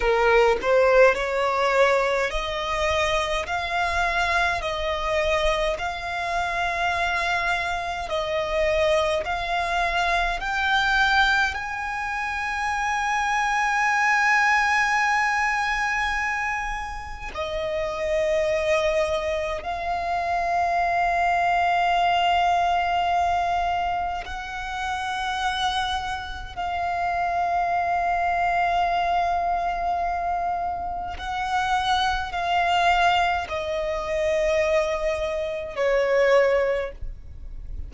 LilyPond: \new Staff \with { instrumentName = "violin" } { \time 4/4 \tempo 4 = 52 ais'8 c''8 cis''4 dis''4 f''4 | dis''4 f''2 dis''4 | f''4 g''4 gis''2~ | gis''2. dis''4~ |
dis''4 f''2.~ | f''4 fis''2 f''4~ | f''2. fis''4 | f''4 dis''2 cis''4 | }